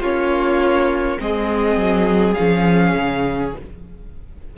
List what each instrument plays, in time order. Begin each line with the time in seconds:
0.00 cello A#3, viola C#4, violin F4 C#5
1.18 cello G#3, viola C4, violin G#4 D#5
1.76 cello F#3
2.33 cello F3, viola C#4, violin F5
2.95 cello C#3